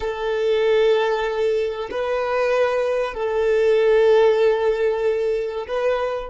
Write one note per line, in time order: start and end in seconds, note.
0.00 1.89 A4
1.90 3.14 B4
3.14 5.66 A4
5.67 6.30 B4